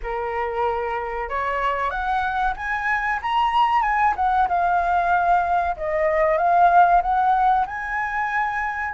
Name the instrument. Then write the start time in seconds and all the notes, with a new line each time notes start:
flute
0.02 A#4
1.29 C#5
1.90 F#5
2.56 G#5
3.21 A#5
3.82 G#5
4.16 F#5
4.48 F5
5.76 D#5
6.37 F5
7.02 F#5
7.66 G#5